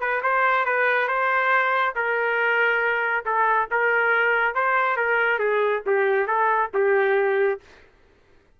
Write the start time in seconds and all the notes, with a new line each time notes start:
0.00 B4
0.22 C5
0.65 B4
1.08 C5
1.95 A#4
3.25 A4
3.71 A#4
4.54 C5
4.96 A#4
5.39 G#4
5.86 G4
6.27 A4
6.73 G4